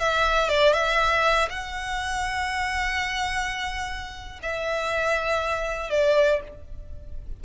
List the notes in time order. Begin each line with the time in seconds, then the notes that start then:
0.00 E5
0.49 D5
0.74 E5
1.50 F#5
4.43 E5
5.90 D5